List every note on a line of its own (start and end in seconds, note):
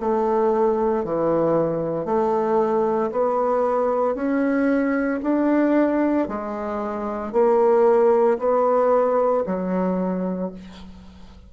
0.00 1.04 A3
1.04 2.05 E3
2.05 3.11 A3
3.11 4.15 B3
4.15 5.20 C#4
5.23 6.28 D4
6.28 7.33 G#3
7.33 8.38 A#3
8.38 9.44 B3
9.46 10.51 F#3